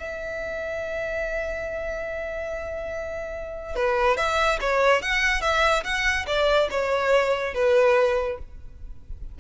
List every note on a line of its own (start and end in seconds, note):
0.00 3.76 E5
3.76 4.18 B4
4.18 4.60 E5
4.61 5.02 C#5
5.02 5.42 F#5
5.42 5.84 E5
5.84 6.26 F#5
6.27 6.69 D5
6.71 7.55 C#5
7.55 8.39 B4